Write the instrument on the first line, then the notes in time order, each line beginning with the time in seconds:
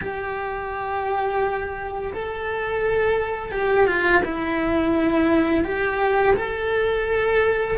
cello
0.01 G4
2.13 A4
3.51 G4
3.86 F4
4.24 E4
5.64 G4
6.35 A4